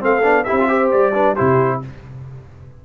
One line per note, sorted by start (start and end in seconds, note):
0.00 0.24 A3
0.00 0.22 C4
0.00 0.46 A4
0.00 0.44 F5
0.23 0.46 B3
0.23 0.45 D4
0.44 0.59 E4
0.44 0.68 G4
0.44 0.89 E5
0.51 0.93 C4
0.59 0.69 F4
0.69 1.13 G4
0.69 1.14 C5
0.92 1.38 G3
0.92 1.36 D5
1.14 1.36 D4
1.14 1.34 B4
1.34 1.85 C3
1.34 1.82 E4
1.34 1.79 G4
1.34 1.80 C5